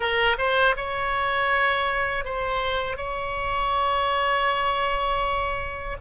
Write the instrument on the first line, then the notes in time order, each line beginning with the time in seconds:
oboe
0.00 A#4
0.38 C5
0.76 C#5
2.24 C5
2.97 C#5